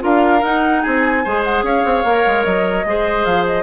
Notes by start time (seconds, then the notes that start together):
0.00 D4 F4 A#4 F5
0.43 D#4 F#5
0.82 C4 G#4 G#5
1.25 G#3 G#4 C5
1.44 F#5
1.63 C#4 C#5 F5
1.85 C4
2.04 A#3 A#4
2.27 G#3
2.45 F#3 D#5
2.85 G#3 G#4 C5
3.25 F3 F5
3.46 D#5